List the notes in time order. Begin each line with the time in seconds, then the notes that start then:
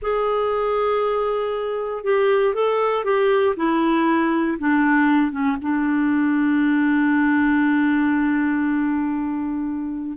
0.02 G#4
2.04 G4
2.54 A4
3.04 G4
3.56 E4
4.58 D4
5.31 C#4
5.61 D4